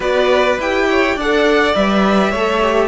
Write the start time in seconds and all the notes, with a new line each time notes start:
0.00 B3 F#4 B4 D5
0.58 E4 G4 G5
0.89 C#5
1.15 D4 A4 D5 F#5
1.74 G3 B4 E5
2.31 A3 A4 C#5
2.62 G4